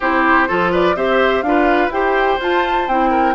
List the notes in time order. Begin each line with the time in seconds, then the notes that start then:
0.00 C4 E4 G4 C5
0.48 F3 F4 A4
0.71 B4 D5
0.95 C4 G4 C5 E5
1.42 D4 F4 B4 F5
1.88 E4 G4 C5 G5
2.39 F4 A5
2.87 C4 E4 G5
3.10 A#4